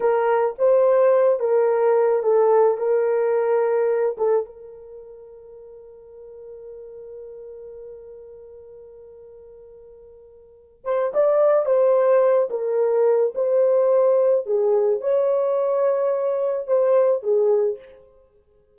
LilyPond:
\new Staff \with { instrumentName = "horn" } { \time 4/4 \tempo 4 = 108 ais'4 c''4. ais'4. | a'4 ais'2~ ais'8 a'8 | ais'1~ | ais'1~ |
ais'2.~ ais'8 c''8 | d''4 c''4. ais'4. | c''2 gis'4 cis''4~ | cis''2 c''4 gis'4 | }